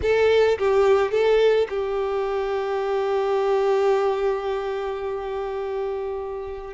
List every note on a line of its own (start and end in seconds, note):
0.02 0.58 A4
0.58 1.11 G4
1.11 1.67 A4
1.69 6.73 G4